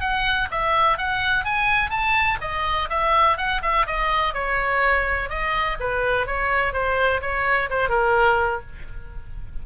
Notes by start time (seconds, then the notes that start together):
0.00 F#5
0.51 E5
0.98 F#5
1.45 G#5
1.90 A5
2.41 D#5
2.89 E5
3.37 F#5
3.62 E5
3.87 D#5
4.34 C#5
5.29 D#5
5.80 B4
6.27 C#5
6.73 C5
7.21 C#5
7.70 C5
7.89 A#4